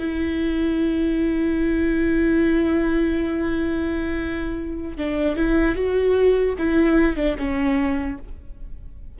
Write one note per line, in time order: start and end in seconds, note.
0.00 4.98 E4
4.98 5.37 D4
5.37 5.76 E4
5.76 6.56 F#4
6.59 7.16 E4
7.16 7.36 D4
7.39 8.19 C#4